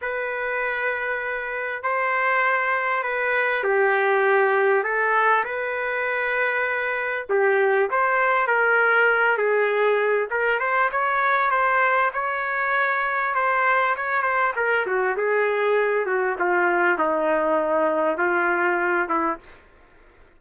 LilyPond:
\new Staff \with { instrumentName = "trumpet" } { \time 4/4 \tempo 4 = 99 b'2. c''4~ | c''4 b'4 g'2 | a'4 b'2. | g'4 c''4 ais'4. gis'8~ |
gis'4 ais'8 c''8 cis''4 c''4 | cis''2 c''4 cis''8 c''8 | ais'8 fis'8 gis'4. fis'8 f'4 | dis'2 f'4. e'8 | }